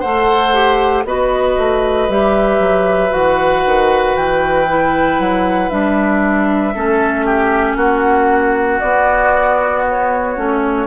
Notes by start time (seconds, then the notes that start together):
0.00 A3 A4 C5 F#5
0.53 G4
1.05 B3 F#4 B4 D#5
1.58 A3
2.09 G3 G4 E5
2.59 F#3
3.10 E3 F#4 F#5
3.65 D#3
4.17 E3 G5
4.68 E4
5.19 F#3 F#5
5.69 G3 D4 E5
6.75 A3 C#4 A4
7.25 G4
7.76 A#3 F#4 F#5
8.80 B3 D5
9.89 C#5
10.36 A3 C#4